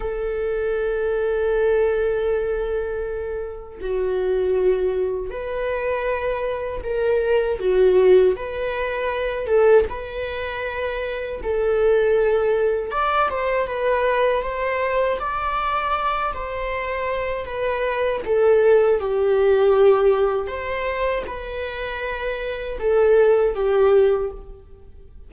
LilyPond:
\new Staff \with { instrumentName = "viola" } { \time 4/4 \tempo 4 = 79 a'1~ | a'4 fis'2 b'4~ | b'4 ais'4 fis'4 b'4~ | b'8 a'8 b'2 a'4~ |
a'4 d''8 c''8 b'4 c''4 | d''4. c''4. b'4 | a'4 g'2 c''4 | b'2 a'4 g'4 | }